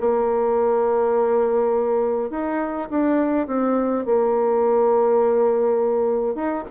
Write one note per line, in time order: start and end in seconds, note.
0.00 2.30 A#3
2.30 2.88 D#4
2.90 3.47 D4
3.47 4.05 C4
4.05 6.34 A#3
6.34 6.64 D#4